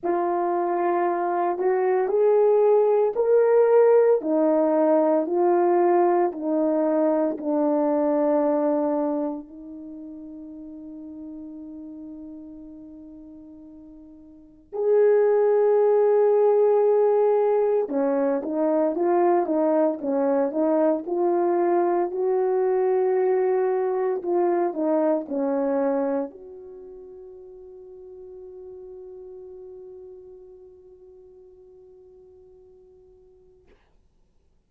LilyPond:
\new Staff \with { instrumentName = "horn" } { \time 4/4 \tempo 4 = 57 f'4. fis'8 gis'4 ais'4 | dis'4 f'4 dis'4 d'4~ | d'4 dis'2.~ | dis'2 gis'2~ |
gis'4 cis'8 dis'8 f'8 dis'8 cis'8 dis'8 | f'4 fis'2 f'8 dis'8 | cis'4 fis'2.~ | fis'1 | }